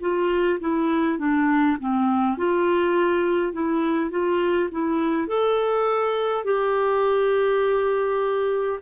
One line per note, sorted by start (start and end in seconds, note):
0.00 0.59 F4
0.59 1.18 E4
1.18 1.77 D4
1.80 2.37 C4
2.37 3.53 F4
3.53 4.10 E4
4.10 4.69 F4
4.71 5.27 E4
5.27 6.44 A4
6.44 8.79 G4